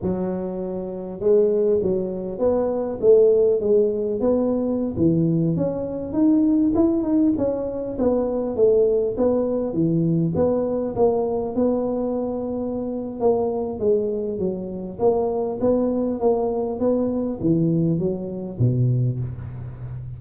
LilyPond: \new Staff \with { instrumentName = "tuba" } { \time 4/4 \tempo 4 = 100 fis2 gis4 fis4 | b4 a4 gis4 b4~ | b16 e4 cis'4 dis'4 e'8 dis'16~ | dis'16 cis'4 b4 a4 b8.~ |
b16 e4 b4 ais4 b8.~ | b2 ais4 gis4 | fis4 ais4 b4 ais4 | b4 e4 fis4 b,4 | }